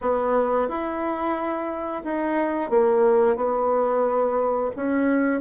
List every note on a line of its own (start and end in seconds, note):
0.01 0.68 B3
0.68 2.03 E4
2.04 2.70 D#4
2.70 3.36 A#3
3.36 4.70 B3
4.76 5.41 C#4